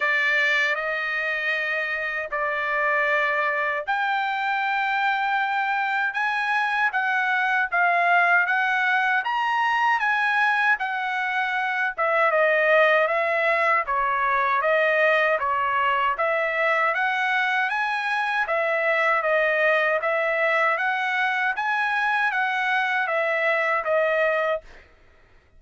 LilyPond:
\new Staff \with { instrumentName = "trumpet" } { \time 4/4 \tempo 4 = 78 d''4 dis''2 d''4~ | d''4 g''2. | gis''4 fis''4 f''4 fis''4 | ais''4 gis''4 fis''4. e''8 |
dis''4 e''4 cis''4 dis''4 | cis''4 e''4 fis''4 gis''4 | e''4 dis''4 e''4 fis''4 | gis''4 fis''4 e''4 dis''4 | }